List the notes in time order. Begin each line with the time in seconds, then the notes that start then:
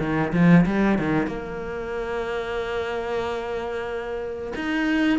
0.00 D#3
0.33 F3
0.66 G3
0.98 D#3
1.27 A#3
4.56 D#4